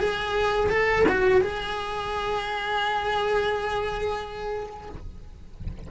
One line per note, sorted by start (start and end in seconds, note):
0.00 0.70 G#4
0.70 1.05 A4
1.09 1.41 F#4
1.41 4.90 G#4